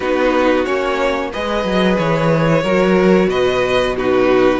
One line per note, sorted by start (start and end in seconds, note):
0.00 0.66 B3
0.00 0.66 D#4
0.00 1.31 F#4
0.00 0.64 B4
0.64 1.32 A#3
0.64 1.32 C#4
0.64 1.30 C#5
1.31 1.64 G#3
1.31 2.64 G#4
1.31 2.62 B4
1.31 1.98 D#5
1.64 1.97 F#3
1.98 2.63 E3
1.98 3.29 C#5
2.62 3.27 F#3
2.62 3.97 F#4
2.62 3.28 A#4
3.27 4.59 B2
3.27 3.96 B4
3.27 3.95 D#5
3.96 4.60 D#4
3.96 4.60 F#4
3.96 4.60 B4